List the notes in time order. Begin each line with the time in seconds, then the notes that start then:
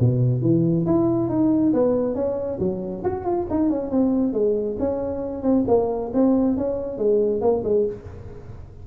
0.00 B2
0.42 E3
0.87 E4
1.29 D#4
1.74 B3
2.15 C#4
2.60 F#3
3.04 F#4
3.25 F4
3.50 D#4
3.70 C#4
3.91 C4
4.34 G#3
4.80 C#4
5.43 C4
5.68 A#3
6.14 C4
6.58 C#4
6.99 G#3
7.42 A#3
7.65 G#3